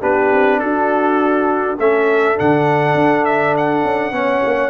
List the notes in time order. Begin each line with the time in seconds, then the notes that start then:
0.00 B3 D4 G4 B4
0.31 C4
0.59 D4 F#4 A4
1.78 A3 C#4 A4 E5
2.36 D3 D4 F#5
2.94 D4
3.25 E5
3.57 F#5
3.84 C#4
4.11 B3 C#4 C#5
4.44 A#3